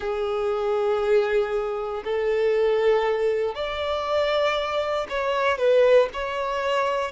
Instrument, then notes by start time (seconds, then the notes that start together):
violin
0.00 G#4
2.04 A4
3.54 D5
5.09 C#5
5.57 B4
6.12 C#5